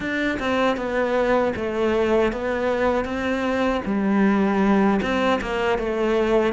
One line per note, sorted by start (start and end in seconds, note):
0.00 0.38 D4
0.39 0.77 C4
0.77 1.53 B3
1.56 2.32 A3
2.32 3.04 B3
3.04 3.81 C4
3.85 5.00 G3
5.02 5.40 C4
5.41 5.78 A#3
5.78 6.53 A3